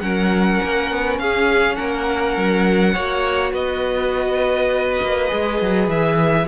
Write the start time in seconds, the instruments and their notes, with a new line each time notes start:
0.00 cello F#3, viola C#4, violin A#4 F#5
0.63 cello A#3
0.90 cello B3
1.18 cello C#4, violin G#4 F5
1.75 cello A#3, violin A#4 F#5
2.37 cello F#3
2.93 cello A#3, viola F#4, violin C#5
3.52 cello B3, violin B4 D#5
5.02 cello A#3
5.28 cello G#3, viola G#4
5.61 cello F#3
5.87 cello E3, violin E5